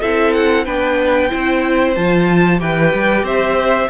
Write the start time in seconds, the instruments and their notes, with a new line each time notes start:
0.00 cello C4, viola E4, violin A4 E5
0.34 violin F#5
0.65 cello B3, viola D4, violin B4 G5
1.30 cello C4, viola E4, violin C5
1.96 cello F3, viola F4, violin A5
2.60 cello E3, viola G4, violin B4 G5
2.94 cello G3
3.23 cello C4, violin C5 E5